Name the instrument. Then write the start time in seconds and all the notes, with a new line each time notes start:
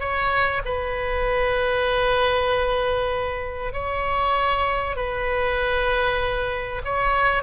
oboe
0.00 C#5
0.65 B4
3.73 C#5
4.96 B4
6.85 C#5